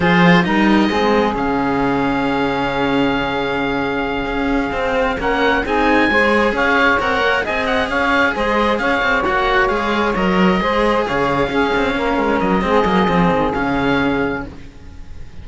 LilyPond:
<<
  \new Staff \with { instrumentName = "oboe" } { \time 4/4 \tempo 4 = 133 c''4 dis''2 f''4~ | f''1~ | f''2.~ f''8 fis''8~ | fis''8 gis''2 f''4 fis''8~ |
fis''8 gis''8 fis''8 f''4 dis''4 f''8~ | f''8 fis''4 f''4 dis''4.~ | dis''8 f''2. dis''8~ | dis''2 f''2 | }
  \new Staff \with { instrumentName = "saxophone" } { \time 4/4 gis'4 ais'4 gis'2~ | gis'1~ | gis'2.~ gis'8 ais'8~ | ais'8 gis'4 c''4 cis''4.~ |
cis''8 dis''4 cis''4 c''4 cis''8~ | cis''2.~ cis''8 c''8~ | c''8 cis''4 gis'4 ais'4. | gis'1 | }
  \new Staff \with { instrumentName = "cello" } { \time 4/4 f'4 dis'4 c'4 cis'4~ | cis'1~ | cis'2~ cis'8 c'4 cis'8~ | cis'8 dis'4 gis'2 ais'8~ |
ais'8 gis'2.~ gis'8~ | gis'8 fis'4 gis'4 ais'4 gis'8~ | gis'4. cis'2~ cis'8 | c'8 ais8 c'4 cis'2 | }
  \new Staff \with { instrumentName = "cello" } { \time 4/4 f4 g4 gis4 cis4~ | cis1~ | cis4. cis'4 c'4 ais8~ | ais8 c'4 gis4 cis'4 c'8 |
ais8 c'4 cis'4 gis4 cis'8 | c'8 ais4 gis4 fis4 gis8~ | gis8 cis4 cis'8 c'8 ais8 gis8 fis8 | gis8 fis8 f8 dis8 cis2 | }
>>